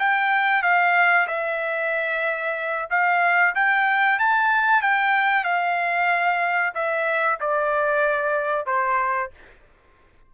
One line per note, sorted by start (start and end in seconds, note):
0.00 0.63 G5
0.63 1.28 F5
1.28 2.89 E5
2.91 3.55 F5
3.55 4.19 G5
4.19 4.82 A5
4.82 5.45 G5
5.45 6.74 F5
6.75 7.40 E5
7.40 8.67 D5
8.67 9.31 C5